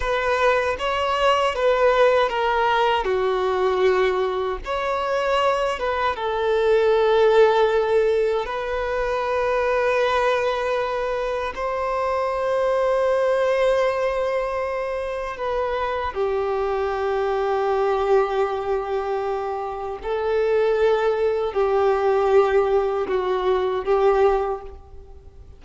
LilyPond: \new Staff \with { instrumentName = "violin" } { \time 4/4 \tempo 4 = 78 b'4 cis''4 b'4 ais'4 | fis'2 cis''4. b'8 | a'2. b'4~ | b'2. c''4~ |
c''1 | b'4 g'2.~ | g'2 a'2 | g'2 fis'4 g'4 | }